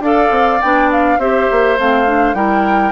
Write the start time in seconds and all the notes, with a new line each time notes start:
0.00 D4 A4 D5 F5
0.30 C4
0.61 B3 D4 G5
0.91 F5
1.18 C4 G4 C5 E5
1.50 A#3
1.78 A3 C4 F5
2.06 D4
2.33 G3 E4 A#4 G5